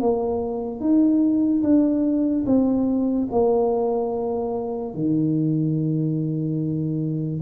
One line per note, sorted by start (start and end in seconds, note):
0.00 0.80 A#3
0.80 1.62 D#4
1.63 2.45 D4
2.46 3.28 C4
3.31 4.94 A#3
4.94 7.40 D#3